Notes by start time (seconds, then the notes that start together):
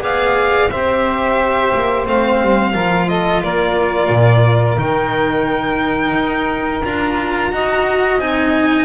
0.00 B3 G#4 D5 F5
0.70 C4 G4 C5 E5
1.74 A#3
2.06 A3 C4 F5
2.41 G3
2.72 F3 F4 A#4
3.08 A4 D#5
3.43 A#3 A#4 D5
4.09 A#2
4.77 D#3 D#4 G5
6.13 D#4
6.84 D4 F4 A#5
7.51 D#4 F#4 D#5
8.18 C4 D#4 G#5